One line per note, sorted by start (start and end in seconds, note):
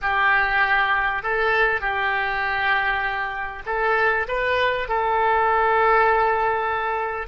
0.01 1.22 G4
1.22 1.80 A4
1.80 3.62 G4
3.66 4.26 A4
4.28 4.88 B4
4.88 7.27 A4